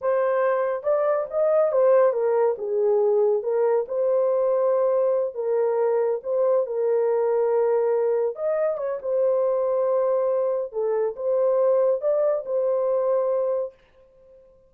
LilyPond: \new Staff \with { instrumentName = "horn" } { \time 4/4 \tempo 4 = 140 c''2 d''4 dis''4 | c''4 ais'4 gis'2 | ais'4 c''2.~ | c''8 ais'2 c''4 ais'8~ |
ais'2.~ ais'8 dis''8~ | dis''8 cis''8 c''2.~ | c''4 a'4 c''2 | d''4 c''2. | }